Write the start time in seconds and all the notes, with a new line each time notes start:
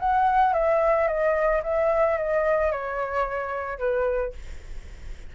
0.00 F#5
0.53 E5
1.08 D#5
1.63 E5
2.18 D#5
2.72 C#5
3.79 B4